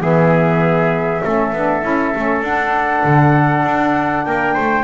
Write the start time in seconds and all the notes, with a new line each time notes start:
0.00 E3 B3 G#4 E5
1.23 A3 C#4 A4
1.52 B3 D4
1.82 C#4 E4
2.15 A3 C#4
2.41 D4 F#5
3.04 D3
3.64 D4
4.24 A#3 A#4 G5
4.53 A3 C5